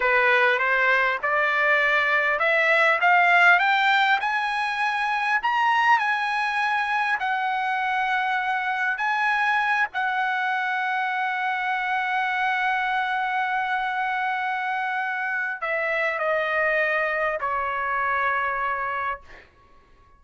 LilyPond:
\new Staff \with { instrumentName = "trumpet" } { \time 4/4 \tempo 4 = 100 b'4 c''4 d''2 | e''4 f''4 g''4 gis''4~ | gis''4 ais''4 gis''2 | fis''2. gis''4~ |
gis''8 fis''2.~ fis''8~ | fis''1~ | fis''2 e''4 dis''4~ | dis''4 cis''2. | }